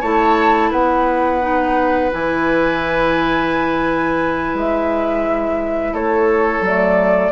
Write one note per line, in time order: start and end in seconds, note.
0.00 0.72 A3
0.00 1.41 E4
0.00 0.70 C#5
0.00 0.71 A5
0.70 2.11 B3
0.70 5.93 B4
0.70 2.11 F#5
1.41 2.11 D#4
2.11 4.53 E3
2.11 6.65 E4
2.11 4.57 G#5
4.53 5.93 G#3
4.53 5.94 E5
5.93 6.60 A3
5.93 7.31 A4
5.93 6.64 C#5
6.60 7.30 F#3
6.60 7.31 A3
6.60 7.31 D5